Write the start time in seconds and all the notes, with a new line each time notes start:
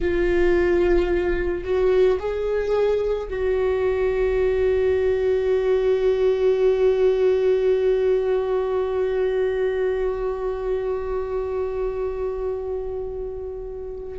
0.00 F4
1.64 F#4
2.19 G#4
3.29 F#4